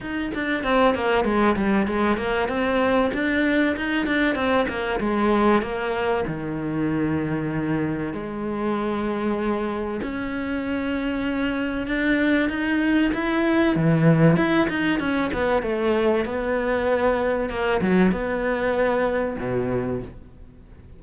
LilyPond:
\new Staff \with { instrumentName = "cello" } { \time 4/4 \tempo 4 = 96 dis'8 d'8 c'8 ais8 gis8 g8 gis8 ais8 | c'4 d'4 dis'8 d'8 c'8 ais8 | gis4 ais4 dis2~ | dis4 gis2. |
cis'2. d'4 | dis'4 e'4 e4 e'8 dis'8 | cis'8 b8 a4 b2 | ais8 fis8 b2 b,4 | }